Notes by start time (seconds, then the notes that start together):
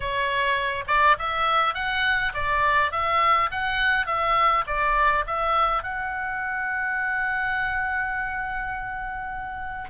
0.00 C#5
0.87 D5
1.18 E5
1.74 F#5
2.34 D5
2.91 E5
3.51 F#5
4.06 E5
4.66 D5
5.26 E5
5.83 F#5